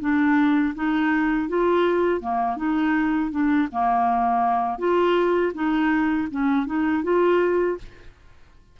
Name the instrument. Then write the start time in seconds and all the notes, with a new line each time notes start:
clarinet
0.00 D4
0.75 D#4
1.49 F4
2.21 A#3
2.57 D#4
3.31 D4
3.72 A#3
4.79 F4
5.54 D#4
6.31 C#4
6.66 D#4
7.04 F4